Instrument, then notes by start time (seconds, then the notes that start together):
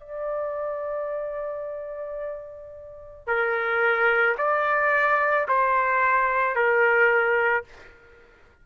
trumpet
0.00 D5
3.27 A#4
4.38 D5
5.48 C5
6.56 A#4